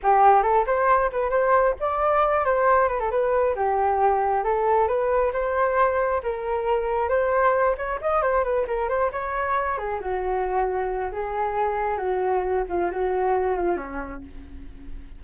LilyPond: \new Staff \with { instrumentName = "flute" } { \time 4/4 \tempo 4 = 135 g'4 a'8 c''4 b'8 c''4 | d''4. c''4 b'16 a'16 b'4 | g'2 a'4 b'4 | c''2 ais'2 |
c''4. cis''8 dis''8 c''8 b'8 ais'8 | c''8 cis''4. gis'8 fis'4.~ | fis'4 gis'2 fis'4~ | fis'8 f'8 fis'4. f'8 cis'4 | }